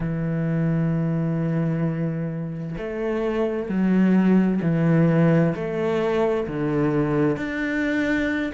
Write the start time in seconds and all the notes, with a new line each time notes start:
0.00 E3
2.77 A3
3.68 F#3
4.62 E3
5.55 A3
6.47 D3
7.36 D4